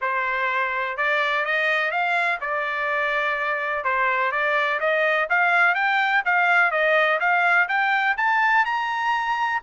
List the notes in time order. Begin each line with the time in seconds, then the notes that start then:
0.01 C5
0.97 D5
1.45 D#5
1.91 F5
2.40 D5
3.84 C5
4.31 D5
4.80 D#5
5.29 F5
5.74 G5
6.25 F5
6.71 D#5
7.20 F5
7.68 G5
8.17 A5
8.65 A#5